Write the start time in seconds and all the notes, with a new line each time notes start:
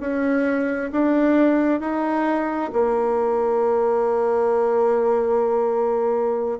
0.00 C#4
0.92 D4
1.81 D#4
2.73 A#3